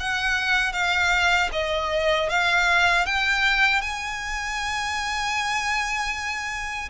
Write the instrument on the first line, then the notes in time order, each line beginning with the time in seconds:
violin
0.00 F#5
0.73 F5
1.53 D#5
2.30 F5
3.06 G5
3.82 G#5